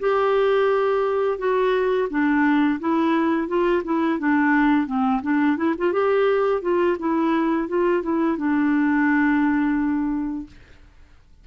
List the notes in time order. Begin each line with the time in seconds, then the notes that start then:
0.00 G4
1.39 F#4
2.10 D4
2.80 E4
3.48 F4
3.84 E4
4.19 D4
4.87 C4
5.23 D4
5.57 E4
5.78 F4
5.93 G4
6.62 F4
6.99 E4
7.69 F4
8.03 E4
8.38 D4